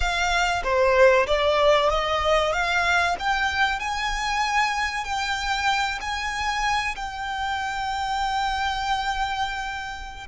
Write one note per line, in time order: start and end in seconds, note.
0.00 0.62 F5
0.63 1.26 C5
1.26 1.89 D5
1.89 2.53 D#5
2.53 3.16 F5
3.19 3.79 G5
3.79 5.04 G#5
5.04 5.99 G5
6.00 6.95 G#5
6.95 10.27 G5